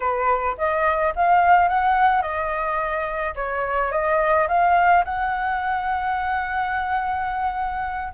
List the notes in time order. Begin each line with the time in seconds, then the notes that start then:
0.00 B4
0.57 D#5
1.15 F5
1.68 F#5
2.22 D#5
3.35 C#5
3.91 D#5
4.48 F5
5.05 F#5